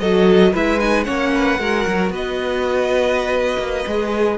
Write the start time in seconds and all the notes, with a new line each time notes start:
0.00 F#3 F#4 A4 D#5
0.53 G#3 E4 B4 E5
0.80 D#4 G#5
1.04 A#3 C#4 C#5 F#5
1.35 B4
1.60 G#3 F#4 A#4
1.87 F#3
2.10 B3 B4 D#5
3.58 A#3
3.87 G#3 G#4